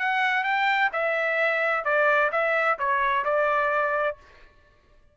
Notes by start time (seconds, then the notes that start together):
0.00 F#5
0.44 G5
0.93 E5
1.85 D5
2.32 E5
2.79 C#5
3.25 D5